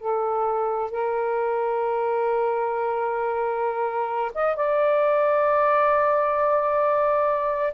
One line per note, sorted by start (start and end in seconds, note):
0.00 0.91 A4
0.91 4.32 A#4
4.34 4.56 D#5
4.56 7.74 D5